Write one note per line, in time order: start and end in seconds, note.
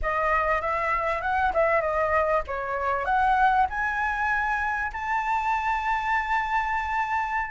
0.02 0.61 D#5
0.61 1.21 E5
1.21 1.52 F#5
1.53 1.81 E5
1.81 2.42 D#5
2.47 3.05 C#5
3.05 3.66 F#5
3.69 4.92 G#5
4.92 7.51 A5